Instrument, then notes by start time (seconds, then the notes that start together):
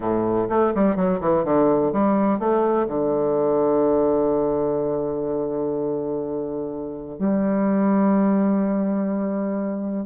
bassoon
0.00 A2
0.49 A3
0.74 G3
0.96 F#3
1.20 E3
1.44 D3
1.92 G3
2.39 A3
2.87 D3
7.18 G3